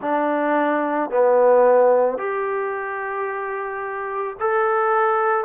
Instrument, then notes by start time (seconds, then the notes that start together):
trombone
0.01 D4
1.10 B3
2.18 G4
4.40 A4